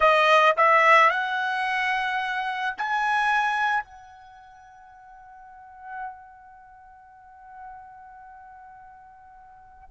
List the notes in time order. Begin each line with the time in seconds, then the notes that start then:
0.00 D#5
0.57 E5
1.10 F#5
2.77 G#5
3.83 F#5